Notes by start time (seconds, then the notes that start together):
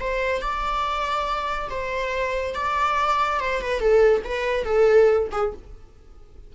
0.00 C5
0.41 D5
1.70 C5
2.55 D5
3.40 C5
3.62 B4
3.80 A4
4.24 B4
4.64 A4
5.32 G#4